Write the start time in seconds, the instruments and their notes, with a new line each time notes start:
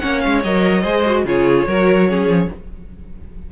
0.00 cello A#3, viola C#4, violin C#5 F#5
0.21 cello G#3, violin F5
0.44 cello F#3, viola A#4, violin D#5
0.82 cello G#3, viola G#4, violin C5
1.06 viola F#4
1.25 cello C#3, viola F4, violin G#4 C#5
1.67 cello F#3, viola F#4, violin A#4
2.08 viola C#4, violin G#4
2.27 cello F3